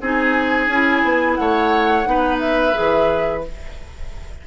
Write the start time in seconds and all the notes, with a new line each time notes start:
0.00 C4 D#4 G#4 G#5
0.68 C#4 E4
1.03 B3
1.35 A3 C#5 F#5
2.04 B3 D#4 B4
2.39 E5
2.73 E3 G#4